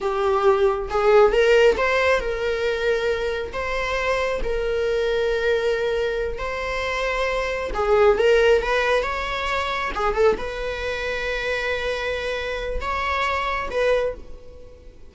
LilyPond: \new Staff \with { instrumentName = "viola" } { \time 4/4 \tempo 4 = 136 g'2 gis'4 ais'4 | c''4 ais'2. | c''2 ais'2~ | ais'2~ ais'8 c''4.~ |
c''4. gis'4 ais'4 b'8~ | b'8 cis''2 gis'8 a'8 b'8~ | b'1~ | b'4 cis''2 b'4 | }